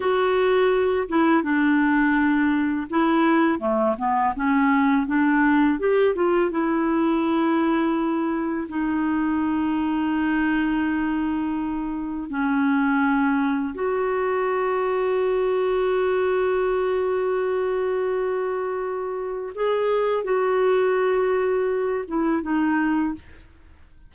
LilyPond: \new Staff \with { instrumentName = "clarinet" } { \time 4/4 \tempo 4 = 83 fis'4. e'8 d'2 | e'4 a8 b8 cis'4 d'4 | g'8 f'8 e'2. | dis'1~ |
dis'4 cis'2 fis'4~ | fis'1~ | fis'2. gis'4 | fis'2~ fis'8 e'8 dis'4 | }